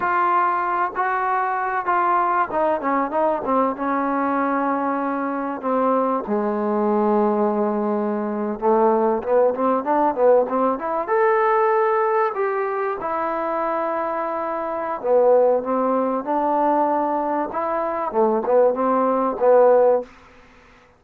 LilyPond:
\new Staff \with { instrumentName = "trombone" } { \time 4/4 \tempo 4 = 96 f'4. fis'4. f'4 | dis'8 cis'8 dis'8 c'8 cis'2~ | cis'4 c'4 gis2~ | gis4.~ gis16 a4 b8 c'8 d'16~ |
d'16 b8 c'8 e'8 a'2 g'16~ | g'8. e'2.~ e'16 | b4 c'4 d'2 | e'4 a8 b8 c'4 b4 | }